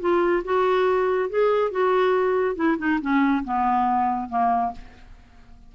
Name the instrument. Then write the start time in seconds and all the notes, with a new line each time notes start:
clarinet
0.00 F4
0.44 F#4
1.30 G#4
1.71 F#4
2.56 E4
2.78 D#4
3.01 C#4
3.44 B3
4.29 A#3